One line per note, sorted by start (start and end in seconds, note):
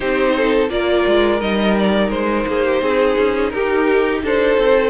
0.00 0.69 C4
0.00 0.69 D#4
0.00 0.33 G4
0.00 0.69 C5
0.36 0.71 A4
0.69 1.04 A#3
0.69 1.40 F4
0.69 2.49 A#4
0.69 1.41 D5
1.07 1.41 G#3
1.41 2.09 G3
1.41 4.90 D#4
1.41 1.76 D#5
1.78 2.10 D5
2.09 2.45 G#3
2.09 3.50 C5
2.46 2.81 A#3
2.46 2.65 G#4
2.65 2.82 G4
2.81 3.16 C4
2.81 3.53 G#4
3.17 3.53 C#4
3.50 4.22 D#4
3.50 4.24 G4
3.50 4.20 A#4
4.22 4.57 D4
4.22 4.90 A4
4.22 4.90 C5
4.57 4.90 C4